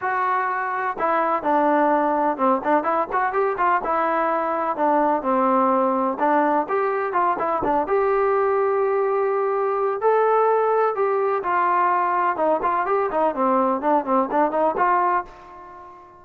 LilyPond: \new Staff \with { instrumentName = "trombone" } { \time 4/4 \tempo 4 = 126 fis'2 e'4 d'4~ | d'4 c'8 d'8 e'8 fis'8 g'8 f'8 | e'2 d'4 c'4~ | c'4 d'4 g'4 f'8 e'8 |
d'8 g'2.~ g'8~ | g'4 a'2 g'4 | f'2 dis'8 f'8 g'8 dis'8 | c'4 d'8 c'8 d'8 dis'8 f'4 | }